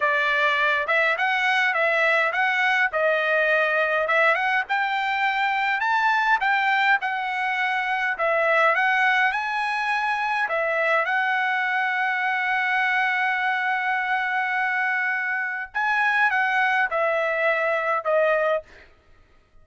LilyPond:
\new Staff \with { instrumentName = "trumpet" } { \time 4/4 \tempo 4 = 103 d''4. e''8 fis''4 e''4 | fis''4 dis''2 e''8 fis''8 | g''2 a''4 g''4 | fis''2 e''4 fis''4 |
gis''2 e''4 fis''4~ | fis''1~ | fis''2. gis''4 | fis''4 e''2 dis''4 | }